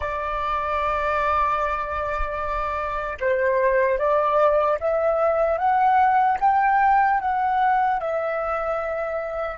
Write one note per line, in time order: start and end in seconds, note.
0.00 3.17 D5
3.20 3.98 C5
3.98 4.78 D5
4.80 5.58 E5
5.58 6.38 F#5
6.40 7.20 G5
7.20 8.00 F#5
8.00 9.57 E5